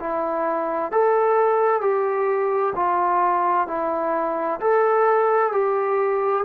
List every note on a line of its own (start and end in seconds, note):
0.00 0.92 E4
0.92 1.81 A4
1.81 2.74 G4
2.75 3.68 F4
3.68 4.60 E4
4.60 5.52 A4
5.52 6.44 G4